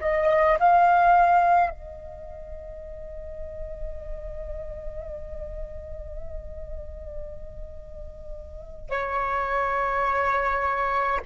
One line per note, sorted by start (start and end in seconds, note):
0.00 0.58 D#5
0.59 1.69 F5
1.69 8.90 D#5
8.90 11.20 C#5